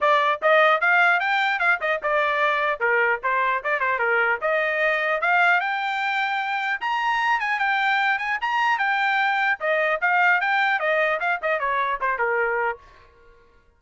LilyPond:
\new Staff \with { instrumentName = "trumpet" } { \time 4/4 \tempo 4 = 150 d''4 dis''4 f''4 g''4 | f''8 dis''8 d''2 ais'4 | c''4 d''8 c''8 ais'4 dis''4~ | dis''4 f''4 g''2~ |
g''4 ais''4. gis''8 g''4~ | g''8 gis''8 ais''4 g''2 | dis''4 f''4 g''4 dis''4 | f''8 dis''8 cis''4 c''8 ais'4. | }